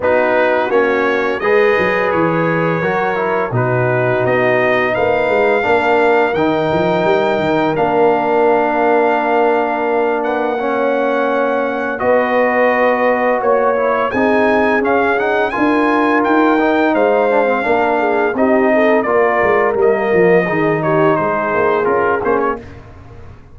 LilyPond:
<<
  \new Staff \with { instrumentName = "trumpet" } { \time 4/4 \tempo 4 = 85 b'4 cis''4 dis''4 cis''4~ | cis''4 b'4 dis''4 f''4~ | f''4 g''2 f''4~ | f''2~ f''8 fis''4.~ |
fis''4 dis''2 cis''4 | gis''4 f''8 fis''8 gis''4 g''4 | f''2 dis''4 d''4 | dis''4. cis''8 c''4 ais'8 c''16 cis''16 | }
  \new Staff \with { instrumentName = "horn" } { \time 4/4 fis'2 b'2 | ais'4 fis'2 b'4 | ais'1~ | ais'2~ ais'8 b'8 cis''4~ |
cis''4 b'2 cis''4 | gis'2 ais'2 | c''4 ais'8 gis'8 g'8 a'8 ais'4~ | ais'4 gis'8 g'8 gis'2 | }
  \new Staff \with { instrumentName = "trombone" } { \time 4/4 dis'4 cis'4 gis'2 | fis'8 e'8 dis'2. | d'4 dis'2 d'4~ | d'2. cis'4~ |
cis'4 fis'2~ fis'8 e'8 | dis'4 cis'8 dis'8 f'4. dis'8~ | dis'8 d'16 c'16 d'4 dis'4 f'4 | ais4 dis'2 f'8 cis'8 | }
  \new Staff \with { instrumentName = "tuba" } { \time 4/4 b4 ais4 gis8 fis8 e4 | fis4 b,4 b4 ais8 gis8 | ais4 dis8 f8 g8 dis8 ais4~ | ais1~ |
ais4 b2 ais4 | c'4 cis'4 d'4 dis'4 | gis4 ais4 c'4 ais8 gis8 | g8 f8 dis4 gis8 ais8 cis'8 ais8 | }
>>